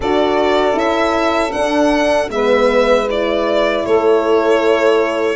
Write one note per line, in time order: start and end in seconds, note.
0.00 0.76 D4
0.00 0.73 F#4
0.00 2.31 A4
0.00 0.78 D5
0.73 1.53 C#4
0.73 1.50 E4
0.73 1.51 E5
1.51 2.29 D4
1.51 2.28 F#5
2.29 3.82 G#3
2.29 3.07 B3
2.29 3.85 B4
2.29 3.08 E5
3.08 5.36 E4
3.08 3.85 D5
3.85 5.36 A3
3.85 5.36 A4
3.85 5.36 C#5